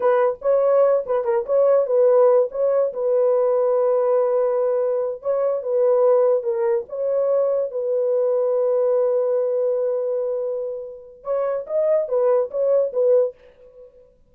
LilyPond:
\new Staff \with { instrumentName = "horn" } { \time 4/4 \tempo 4 = 144 b'4 cis''4. b'8 ais'8 cis''8~ | cis''8 b'4. cis''4 b'4~ | b'1~ | b'8 cis''4 b'2 ais'8~ |
ais'8 cis''2 b'4.~ | b'1~ | b'2. cis''4 | dis''4 b'4 cis''4 b'4 | }